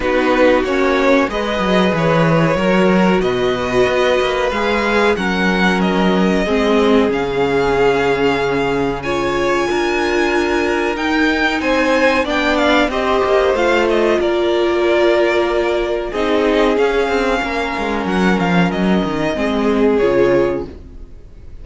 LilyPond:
<<
  \new Staff \with { instrumentName = "violin" } { \time 4/4 \tempo 4 = 93 b'4 cis''4 dis''4 cis''4~ | cis''4 dis''2 f''4 | fis''4 dis''2 f''4~ | f''2 gis''2~ |
gis''4 g''4 gis''4 g''8 f''8 | dis''4 f''8 dis''8 d''2~ | d''4 dis''4 f''2 | fis''8 f''8 dis''2 cis''4 | }
  \new Staff \with { instrumentName = "violin" } { \time 4/4 fis'2 b'2 | ais'4 b'2. | ais'2 gis'2~ | gis'2 cis''4 ais'4~ |
ais'2 c''4 d''4 | c''2 ais'2~ | ais'4 gis'2 ais'4~ | ais'2 gis'2 | }
  \new Staff \with { instrumentName = "viola" } { \time 4/4 dis'4 cis'4 gis'2 | fis'2. gis'4 | cis'2 c'4 cis'4~ | cis'2 f'2~ |
f'4 dis'2 d'4 | g'4 f'2.~ | f'4 dis'4 cis'2~ | cis'2 c'4 f'4 | }
  \new Staff \with { instrumentName = "cello" } { \time 4/4 b4 ais4 gis8 fis8 e4 | fis4 b,4 b8 ais8 gis4 | fis2 gis4 cis4~ | cis2. d'4~ |
d'4 dis'4 c'4 b4 | c'8 ais8 a4 ais2~ | ais4 c'4 cis'8 c'8 ais8 gis8 | fis8 f8 fis8 dis8 gis4 cis4 | }
>>